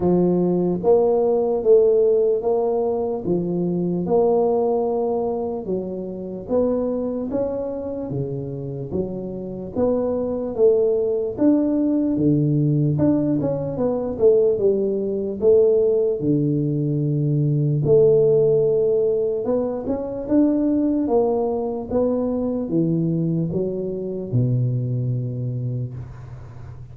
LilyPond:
\new Staff \with { instrumentName = "tuba" } { \time 4/4 \tempo 4 = 74 f4 ais4 a4 ais4 | f4 ais2 fis4 | b4 cis'4 cis4 fis4 | b4 a4 d'4 d4 |
d'8 cis'8 b8 a8 g4 a4 | d2 a2 | b8 cis'8 d'4 ais4 b4 | e4 fis4 b,2 | }